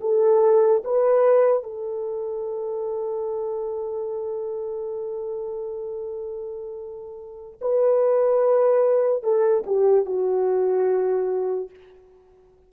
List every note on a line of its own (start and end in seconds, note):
0.00 0.82 A4
0.84 1.63 B4
1.63 7.59 A4
7.61 9.23 B4
9.23 9.64 A4
9.66 10.05 G4
10.05 11.70 F#4